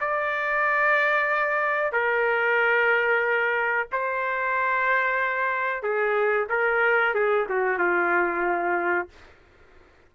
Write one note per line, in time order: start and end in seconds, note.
0.00 1.92 D5
1.92 3.87 A#4
3.92 5.83 C5
5.83 6.48 G#4
6.49 7.14 A#4
7.14 7.46 G#4
7.49 7.78 F#4
7.78 9.08 F4